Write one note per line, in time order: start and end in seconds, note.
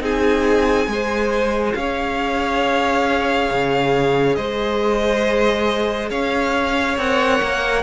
0.00 0.87 C4
0.00 0.87 D#4
0.00 0.89 G#4
0.00 1.74 G#5
0.87 1.74 G#3
0.87 6.96 G#4
0.87 1.78 C5
1.74 3.50 C#4
1.74 4.36 C#5
1.74 4.35 F5
3.50 4.37 C#3
4.35 6.10 G#3
4.35 6.10 C5
4.35 6.09 D#5
6.10 6.97 C#4
6.10 7.83 C#5
6.10 6.98 F5
6.96 7.41 C4
6.96 7.83 A#4
6.96 7.83 F#5
7.42 7.83 A#3